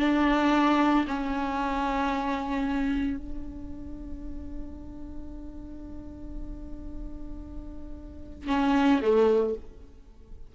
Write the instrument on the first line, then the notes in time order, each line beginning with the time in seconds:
viola
0.00 D4
1.08 C#4
3.18 D4
8.48 C#4
9.02 A3